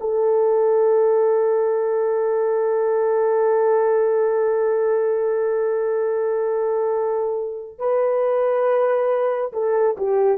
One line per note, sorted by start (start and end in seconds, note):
0.00 7.79 A4
7.79 9.53 B4
9.53 9.96 A4
9.98 10.38 G4